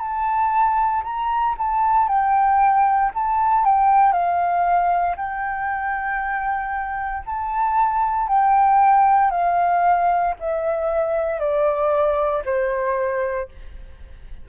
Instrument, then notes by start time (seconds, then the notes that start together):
flute
0.00 A5
1.04 A#5
1.58 A5
2.08 G5
3.15 A5
3.65 G5
4.13 F5
5.17 G5
7.26 A5
8.29 G5
9.31 F5
10.40 E5
11.40 D5
12.46 C5